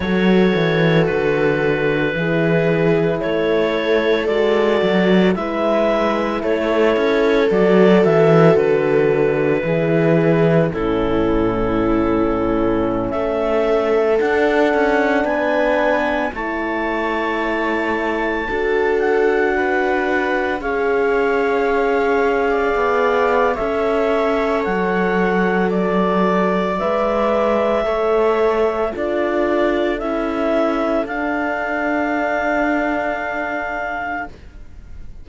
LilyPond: <<
  \new Staff \with { instrumentName = "clarinet" } { \time 4/4 \tempo 4 = 56 cis''4 b'2 cis''4 | d''4 e''4 cis''4 d''8 e''8 | b'2 a'2~ | a'16 e''4 fis''4 gis''4 a''8.~ |
a''4.~ a''16 fis''4. f''8.~ | f''2 e''4 fis''4 | d''4 e''2 d''4 | e''4 f''2. | }
  \new Staff \with { instrumentName = "viola" } { \time 4/4 a'2 gis'4 a'4~ | a'4 b'4 a'2~ | a'4 gis'4 e'2~ | e'16 a'2 b'4 cis''8.~ |
cis''4~ cis''16 a'4 b'4 cis''8.~ | cis''4 d''4 cis''2 | d''2 cis''4 a'4~ | a'1 | }
  \new Staff \with { instrumentName = "horn" } { \time 4/4 fis'2 e'2 | fis'4 e'2 fis'4~ | fis'4 e'4 cis'2~ | cis'4~ cis'16 d'2 e'8.~ |
e'4~ e'16 fis'2 gis'8.~ | gis'2 a'2~ | a'4 b'4 a'4 f'4 | e'4 d'2. | }
  \new Staff \with { instrumentName = "cello" } { \time 4/4 fis8 e8 d4 e4 a4 | gis8 fis8 gis4 a8 cis'8 fis8 e8 | d4 e4 a,2~ | a,16 a4 d'8 cis'8 b4 a8.~ |
a4~ a16 d'2 cis'8.~ | cis'4~ cis'16 b8. cis'4 fis4~ | fis4 gis4 a4 d'4 | cis'4 d'2. | }
>>